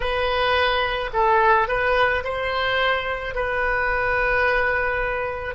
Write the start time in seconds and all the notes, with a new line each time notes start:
0.00 B4
1.13 A4
1.68 B4
2.24 C5
3.34 B4